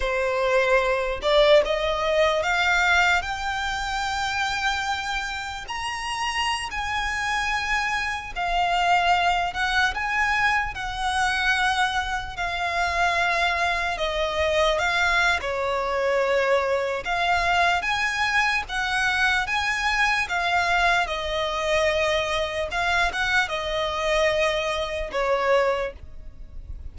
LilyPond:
\new Staff \with { instrumentName = "violin" } { \time 4/4 \tempo 4 = 74 c''4. d''8 dis''4 f''4 | g''2. ais''4~ | ais''16 gis''2 f''4. fis''16~ | fis''16 gis''4 fis''2 f''8.~ |
f''4~ f''16 dis''4 f''8. cis''4~ | cis''4 f''4 gis''4 fis''4 | gis''4 f''4 dis''2 | f''8 fis''8 dis''2 cis''4 | }